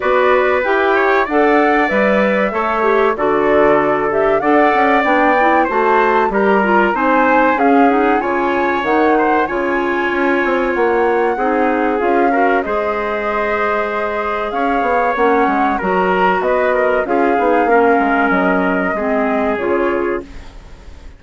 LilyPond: <<
  \new Staff \with { instrumentName = "flute" } { \time 4/4 \tempo 4 = 95 d''4 g''4 fis''4 e''4~ | e''4 d''4. e''8 fis''4 | g''4 a''4 ais''4 gis''4 | f''8 fis''8 gis''4 fis''4 gis''4~ |
gis''4 fis''2 f''4 | dis''2. f''4 | fis''4 ais''4 dis''4 f''4~ | f''4 dis''2 cis''4 | }
  \new Staff \with { instrumentName = "trumpet" } { \time 4/4 b'4. cis''8 d''2 | cis''4 a'2 d''4~ | d''4 c''4 ais'4 c''4 | gis'4 cis''4. c''8 cis''4~ |
cis''2 gis'4. ais'8 | c''2. cis''4~ | cis''4 ais'4 b'8 ais'8 gis'4 | ais'2 gis'2 | }
  \new Staff \with { instrumentName = "clarinet" } { \time 4/4 fis'4 g'4 a'4 b'4 | a'8 g'8 fis'4. g'8 a'4 | d'8 e'8 fis'4 g'8 f'8 dis'4 | cis'8 dis'8 f'4 dis'4 f'4~ |
f'2 dis'4 f'8 fis'8 | gis'1 | cis'4 fis'2 f'8 dis'8 | cis'2 c'4 f'4 | }
  \new Staff \with { instrumentName = "bassoon" } { \time 4/4 b4 e'4 d'4 g4 | a4 d2 d'8 cis'8 | b4 a4 g4 c'4 | cis'4 cis4 dis4 cis4 |
cis'8 c'8 ais4 c'4 cis'4 | gis2. cis'8 b8 | ais8 gis8 fis4 b4 cis'8 b8 | ais8 gis8 fis4 gis4 cis4 | }
>>